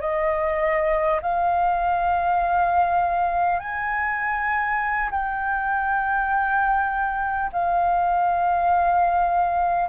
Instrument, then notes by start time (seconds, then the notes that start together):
flute
0.00 D#5
1.22 F5
3.59 G#5
5.10 G5
7.52 F5